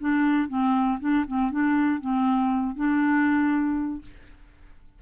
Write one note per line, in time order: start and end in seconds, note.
0.00 0.49 D4
0.49 0.99 C4
1.00 1.25 D4
1.27 1.51 C4
1.51 2.01 D4
2.01 2.76 C4
2.76 4.02 D4